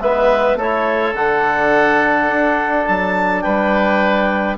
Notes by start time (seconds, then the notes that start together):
0.00 G#3 B3 B4 E5
0.55 A3 E4 A4 C#5
1.14 D3 D4 F#5
2.27 D4
2.85 F#3 A5
3.41 G3 B4 G5